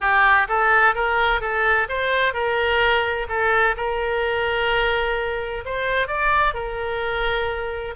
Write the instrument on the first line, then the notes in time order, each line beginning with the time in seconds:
oboe
0.00 G4
0.48 A4
0.94 A#4
1.40 A4
1.88 C5
2.33 A#4
3.28 A4
3.76 A#4
5.65 C5
6.07 D5
6.54 A#4